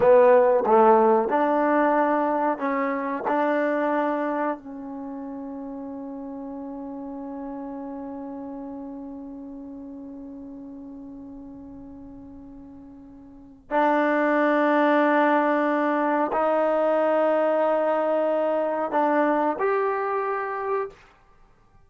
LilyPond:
\new Staff \with { instrumentName = "trombone" } { \time 4/4 \tempo 4 = 92 b4 a4 d'2 | cis'4 d'2 cis'4~ | cis'1~ | cis'1~ |
cis'1~ | cis'4 d'2.~ | d'4 dis'2.~ | dis'4 d'4 g'2 | }